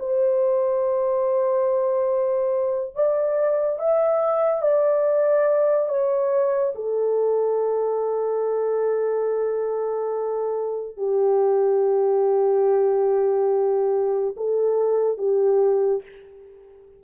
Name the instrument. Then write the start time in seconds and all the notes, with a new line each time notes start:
horn
0.00 C5
2.95 D5
3.79 E5
4.62 D5
5.89 C#5
6.75 A4
10.97 G4
14.37 A4
15.18 G4